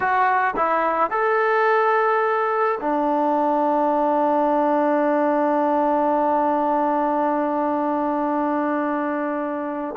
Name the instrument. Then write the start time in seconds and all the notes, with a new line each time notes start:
trombone
0.00 F#4
0.56 E4
1.10 A4
2.80 D4